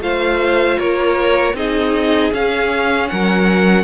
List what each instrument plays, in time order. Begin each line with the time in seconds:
0.00 cello A3, viola F4, violin C5 F5
0.79 cello A#3, violin A#4 C#5
1.53 cello C4, viola D#4, violin G#4 D#5
2.32 viola C#4, cello C#4, violin F5
3.08 cello F#3, violin A#4 F#5